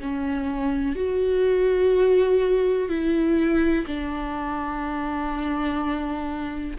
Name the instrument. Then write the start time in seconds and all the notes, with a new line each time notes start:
viola
0.00 C#4
0.96 F#4
2.89 E4
3.87 D4